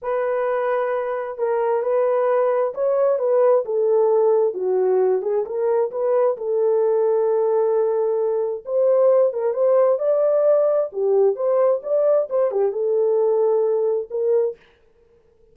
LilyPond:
\new Staff \with { instrumentName = "horn" } { \time 4/4 \tempo 4 = 132 b'2. ais'4 | b'2 cis''4 b'4 | a'2 fis'4. gis'8 | ais'4 b'4 a'2~ |
a'2. c''4~ | c''8 ais'8 c''4 d''2 | g'4 c''4 d''4 c''8 g'8 | a'2. ais'4 | }